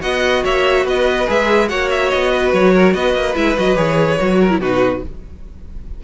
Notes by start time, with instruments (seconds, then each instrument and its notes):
0.00 cello B3, viola F#4, violin D#5 F#5
0.44 cello A#3, violin C#5 E5
0.84 cello B3, violin B4 D#5
1.26 cello G#3, viola G#4, violin E5
1.68 cello A#3, viola F#4, violin C#5 F#5
1.90 violin E5
2.10 cello B3, violin D#5
2.32 violin B4
2.53 cello F#3, violin C#5
2.73 violin A#4
2.93 cello B3, violin B4 D#5
3.14 cello A#3
3.34 cello G#3, viola E4, violin E5
3.57 cello F#3, viola F#4, violin D#5
3.76 cello E3, viola G#4, violin C#5
4.19 cello F#3, viola F#4
4.40 violin A#4
4.50 viola E4
4.58 cello B2, viola D#4, violin F#4 B4